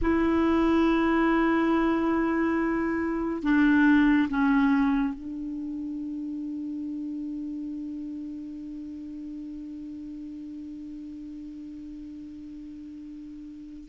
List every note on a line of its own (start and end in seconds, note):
0.01 3.42 E4
3.42 4.28 D4
4.29 5.14 C#4
5.14 13.89 D4